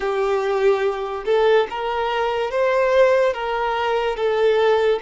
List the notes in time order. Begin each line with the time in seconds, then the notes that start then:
0.00 G4
1.25 A4
1.70 A#4
2.50 C5
3.33 A#4
4.16 A4